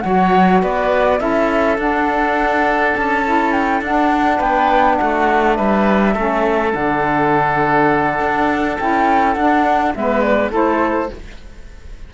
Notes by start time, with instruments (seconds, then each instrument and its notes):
0.00 cello F#3, saxophone F#4, oboe C#5, flute F#5
0.62 cello B3, oboe B4, flute D5
1.18 cello C#4, saxophone E4, oboe A4, flute E5
1.78 saxophone D4, cello D4, flute F#5
2.96 cello C#4, flute A5
3.24 saxophone E4
3.52 flute G5
3.81 cello D4, saxophone D4, flute F#5
4.37 cello B3, oboe B4, flute G5
4.95 oboe F#4, flute F#5
5.01 cello A3
5.55 cello G3, oboe B4, flute E5
6.13 cello A3, saxophone C#4, oboe A4
6.71 cello D3, saxophone D4, flute F#5
8.19 cello D4
8.78 cello C#4, saxophone E4, flute G5
9.34 cello D4, saxophone D4, flute F#5
9.95 cello G#3, saxophone B3, oboe B4, flute E5
10.21 flute D5
10.51 cello A3, saxophone E4, oboe A4, flute C5